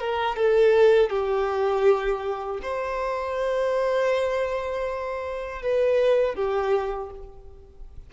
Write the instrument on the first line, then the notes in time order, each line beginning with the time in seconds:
violin
0.00 A#4
0.36 A4
1.10 G4
2.62 C5
5.62 B4
6.35 G4